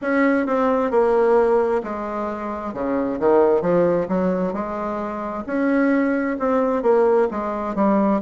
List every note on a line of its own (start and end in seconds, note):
0.01 0.46 C#4
0.46 0.90 C4
0.90 1.81 A#3
1.83 2.73 G#3
2.73 3.19 C#3
3.19 3.61 D#3
3.61 4.07 F3
4.08 4.52 F#3
4.52 5.43 G#3
5.46 6.37 C#4
6.39 6.82 C4
6.82 7.27 A#3
7.31 7.75 G#3
7.75 8.20 G3